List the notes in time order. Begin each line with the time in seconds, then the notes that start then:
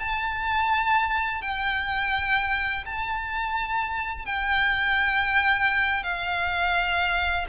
0.00 A5
1.42 G5
2.86 A5
4.26 G5
6.04 F5